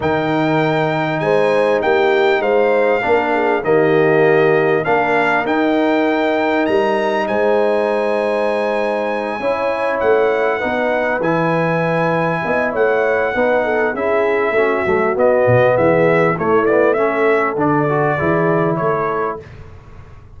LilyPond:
<<
  \new Staff \with { instrumentName = "trumpet" } { \time 4/4 \tempo 4 = 99 g''2 gis''4 g''4 | f''2 dis''2 | f''4 g''2 ais''4 | gis''1~ |
gis''8 fis''2 gis''4.~ | gis''4 fis''2 e''4~ | e''4 dis''4 e''4 cis''8 d''8 | e''4 d''2 cis''4 | }
  \new Staff \with { instrumentName = "horn" } { \time 4/4 ais'2 c''4 g'4 | c''4 ais'8 gis'8 g'2 | ais'1 | c''2.~ c''8 cis''8~ |
cis''4. b'2~ b'8~ | b'8 dis''8 cis''4 b'8 a'8 gis'4 | fis'2 gis'4 e'4 | a'2 gis'4 a'4 | }
  \new Staff \with { instrumentName = "trombone" } { \time 4/4 dis'1~ | dis'4 d'4 ais2 | d'4 dis'2.~ | dis'2.~ dis'8 e'8~ |
e'4. dis'4 e'4.~ | e'2 dis'4 e'4 | cis'8 a8 b2 a8 b8 | cis'4 d'8 fis'8 e'2 | }
  \new Staff \with { instrumentName = "tuba" } { \time 4/4 dis2 gis4 ais4 | gis4 ais4 dis2 | ais4 dis'2 g4 | gis2.~ gis8 cis'8~ |
cis'8 a4 b4 e4.~ | e8 b8 a4 b4 cis'4 | a8 fis8 b8 b,8 e4 a4~ | a4 d4 e4 a4 | }
>>